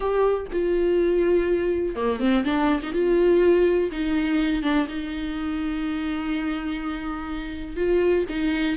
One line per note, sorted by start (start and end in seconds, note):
0.00 0.46 G4
0.52 1.95 F4
1.95 2.19 A#3
2.19 2.44 C4
2.44 2.80 D4
2.82 2.92 D#4
2.92 3.90 F4
3.91 4.63 D#4
4.63 4.87 D4
4.88 7.76 D#4
7.76 8.25 F4
8.29 8.76 D#4